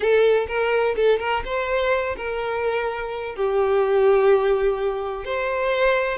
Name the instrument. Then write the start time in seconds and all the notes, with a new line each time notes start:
violin
0.00 A4
0.47 A#4
0.96 A4
1.19 A#4
1.44 C5
2.16 A#4
3.35 G4
5.24 C5